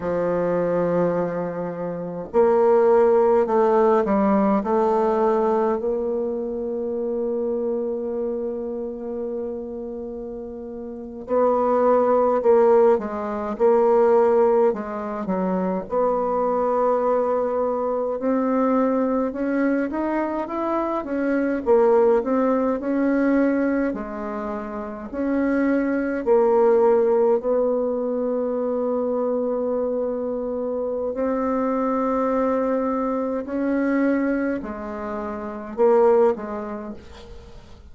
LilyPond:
\new Staff \with { instrumentName = "bassoon" } { \time 4/4 \tempo 4 = 52 f2 ais4 a8 g8 | a4 ais2.~ | ais4.~ ais16 b4 ais8 gis8 ais16~ | ais8. gis8 fis8 b2 c'16~ |
c'8. cis'8 dis'8 e'8 cis'8 ais8 c'8 cis'16~ | cis'8. gis4 cis'4 ais4 b16~ | b2. c'4~ | c'4 cis'4 gis4 ais8 gis8 | }